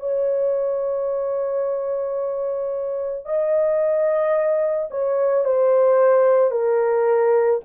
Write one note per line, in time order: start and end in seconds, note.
0.00 3.26 C#5
3.26 4.89 D#5
4.90 5.45 C#5
5.45 6.51 C5
6.51 7.60 A#4